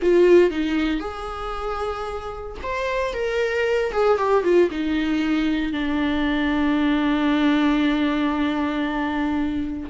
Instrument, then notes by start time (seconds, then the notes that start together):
viola
0.01 F4
0.50 D#4
0.99 G#4
2.62 C5
3.13 A#4
3.91 G#4
4.17 G4
4.43 F4
4.70 D#4
5.72 D4